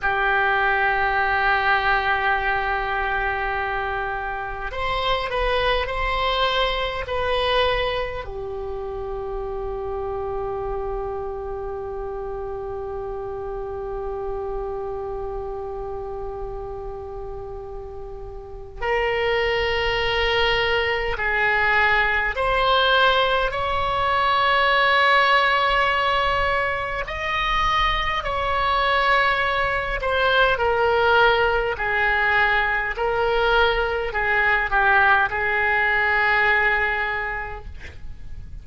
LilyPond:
\new Staff \with { instrumentName = "oboe" } { \time 4/4 \tempo 4 = 51 g'1 | c''8 b'8 c''4 b'4 g'4~ | g'1~ | g'1 |
ais'2 gis'4 c''4 | cis''2. dis''4 | cis''4. c''8 ais'4 gis'4 | ais'4 gis'8 g'8 gis'2 | }